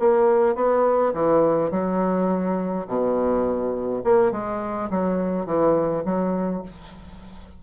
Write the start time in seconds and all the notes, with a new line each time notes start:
0.00 A#3
0.56 B3
1.14 E3
1.71 F#3
2.88 B2
4.04 A#3
4.32 G#3
4.90 F#3
5.46 E3
6.05 F#3